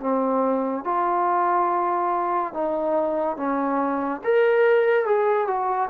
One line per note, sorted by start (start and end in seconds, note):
0.00 0.85 C4
0.85 2.54 F4
2.54 3.37 D#4
3.37 4.22 C#4
4.24 5.06 A#4
5.06 5.47 G#4
5.47 5.90 F#4